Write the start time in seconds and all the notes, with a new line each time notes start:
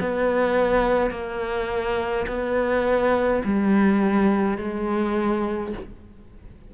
0.00 B3
1.11 A#3
2.28 B3
3.45 G3
4.58 G#3